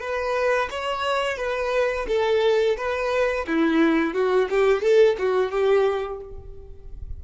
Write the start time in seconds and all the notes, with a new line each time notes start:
0.00 B4
0.71 C#5
1.37 B4
2.08 A4
2.77 B4
3.47 E4
4.14 F#4
4.50 G4
4.82 A4
5.18 F#4
5.51 G4